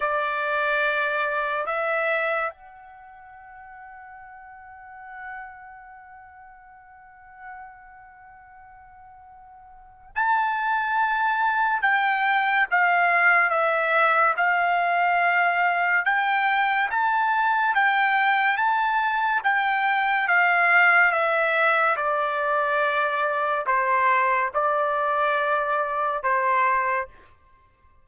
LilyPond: \new Staff \with { instrumentName = "trumpet" } { \time 4/4 \tempo 4 = 71 d''2 e''4 fis''4~ | fis''1~ | fis''1 | a''2 g''4 f''4 |
e''4 f''2 g''4 | a''4 g''4 a''4 g''4 | f''4 e''4 d''2 | c''4 d''2 c''4 | }